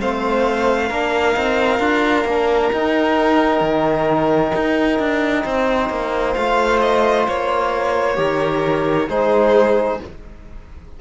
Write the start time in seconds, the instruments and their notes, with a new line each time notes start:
0.00 cello A3, trombone C4, violin C5 F5
0.88 cello A#3, trombone D4, violin A#4
1.34 cello C4, trombone D#4
1.80 cello D4, trombone F4
2.25 cello A#3, trombone D4
2.72 cello D#4, trombone D#4, violin G5
3.61 cello D#3
4.55 cello D#4
5.00 cello D4
5.44 cello C4, violin C5
5.90 cello A#3
6.34 cello A3, trombone F4, violin F5
6.81 violin D#5
7.28 cello A#3, violin C#5
8.16 cello D#3, trombone G4, violin A#4
9.09 cello G#3, trombone D#4, violin G#4 C5